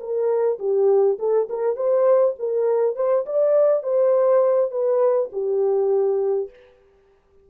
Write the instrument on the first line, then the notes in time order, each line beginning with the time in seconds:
horn
0.00 A#4
0.59 G4
1.19 A4
1.50 A#4
1.76 C5
2.39 A#4
2.96 C5
3.26 D5
3.83 C5
4.71 B4
5.32 G4